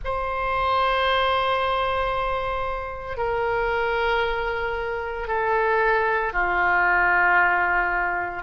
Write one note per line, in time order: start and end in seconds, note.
0.04 3.17 C5
3.17 5.27 A#4
5.27 6.32 A4
6.32 8.43 F4